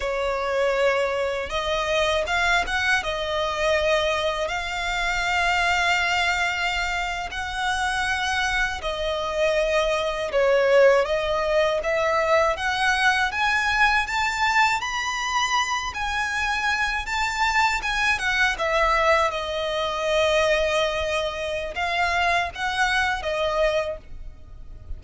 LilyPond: \new Staff \with { instrumentName = "violin" } { \time 4/4 \tempo 4 = 80 cis''2 dis''4 f''8 fis''8 | dis''2 f''2~ | f''4.~ f''16 fis''2 dis''16~ | dis''4.~ dis''16 cis''4 dis''4 e''16~ |
e''8. fis''4 gis''4 a''4 b''16~ | b''4~ b''16 gis''4. a''4 gis''16~ | gis''16 fis''8 e''4 dis''2~ dis''16~ | dis''4 f''4 fis''4 dis''4 | }